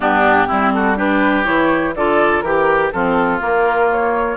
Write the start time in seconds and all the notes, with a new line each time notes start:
0.00 G2 B3 D4 G4
0.47 G3 C4 E4
0.73 F#4 A4
0.96 D4 G4 B4
1.44 E3 E4 C#5
1.95 D3 F4 A4 D5
2.41 E3 G4 A#4
2.92 F3 C4 F4 A4
3.39 A#3 A#4
3.91 C#5